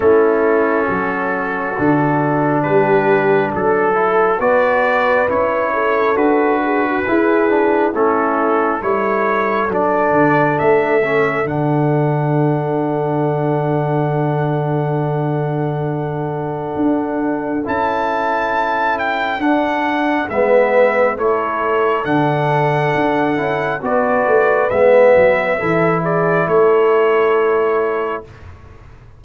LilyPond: <<
  \new Staff \with { instrumentName = "trumpet" } { \time 4/4 \tempo 4 = 68 a'2. b'4 | a'4 d''4 cis''4 b'4~ | b'4 a'4 cis''4 d''4 | e''4 fis''2.~ |
fis''1 | a''4. g''8 fis''4 e''4 | cis''4 fis''2 d''4 | e''4. d''8 cis''2 | }
  \new Staff \with { instrumentName = "horn" } { \time 4/4 e'4 fis'2 g'4 | a'4 b'4. a'4 gis'16 fis'16 | gis'4 e'4 a'2~ | a'1~ |
a'1~ | a'2. b'4 | a'2. b'4~ | b'4 a'8 gis'8 a'2 | }
  \new Staff \with { instrumentName = "trombone" } { \time 4/4 cis'2 d'2~ | d'8 e'8 fis'4 e'4 fis'4 | e'8 d'8 cis'4 e'4 d'4~ | d'8 cis'8 d'2.~ |
d'1 | e'2 d'4 b4 | e'4 d'4. e'8 fis'4 | b4 e'2. | }
  \new Staff \with { instrumentName = "tuba" } { \time 4/4 a4 fis4 d4 g4 | fis4 b4 cis'4 d'4 | e'4 a4 g4 fis8 d8 | a4 d2.~ |
d2. d'4 | cis'2 d'4 gis4 | a4 d4 d'8 cis'8 b8 a8 | gis8 fis8 e4 a2 | }
>>